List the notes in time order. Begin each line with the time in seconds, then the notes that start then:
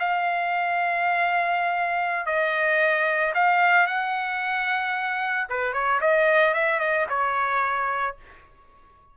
0.00 F5
2.26 D#5
3.35 F5
3.87 F#5
5.50 B4
5.73 C#5
6.01 D#5
6.54 E5
6.80 D#5
7.09 C#5